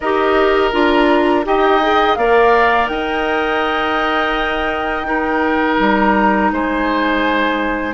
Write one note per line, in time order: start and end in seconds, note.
0.00 0.73 D#4
0.00 0.72 G4
0.00 1.45 A#4
0.00 0.70 D#5
0.72 1.45 D4
0.72 1.44 F4
0.72 1.44 A#5
1.44 2.17 D#4
1.44 1.80 G4
1.44 2.18 D#5
1.44 2.14 G5
1.82 2.18 G#4
2.14 2.88 A#3
2.14 5.04 A#4
2.14 2.90 D5
2.14 2.87 F5
2.87 5.77 D#4
2.87 5.07 D#5
2.87 5.76 G5
5.04 7.93 D#4
5.04 6.52 A#4
5.79 6.51 G3
5.79 6.52 A#5
6.51 7.94 G#3
6.51 7.94 C5
6.51 7.94 G#5